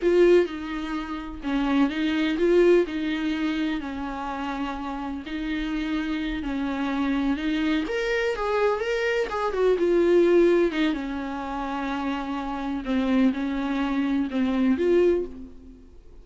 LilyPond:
\new Staff \with { instrumentName = "viola" } { \time 4/4 \tempo 4 = 126 f'4 dis'2 cis'4 | dis'4 f'4 dis'2 | cis'2. dis'4~ | dis'4. cis'2 dis'8~ |
dis'8 ais'4 gis'4 ais'4 gis'8 | fis'8 f'2 dis'8 cis'4~ | cis'2. c'4 | cis'2 c'4 f'4 | }